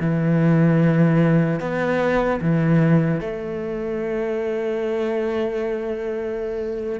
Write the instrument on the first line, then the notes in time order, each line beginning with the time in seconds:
cello
0.00 E3
1.60 B3
2.41 E3
3.20 A3